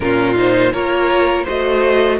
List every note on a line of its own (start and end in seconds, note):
0.00 0.73 A#2
0.00 0.35 C#4
0.00 0.72 F4
0.00 0.35 A#4
0.35 0.72 D#4
0.35 0.73 C5
0.72 1.46 A#3
0.72 1.46 F4
0.72 1.43 A#4
0.72 1.46 C#5
1.43 2.19 A3
1.43 2.19 F#4
1.43 2.17 C5
1.43 2.19 D#5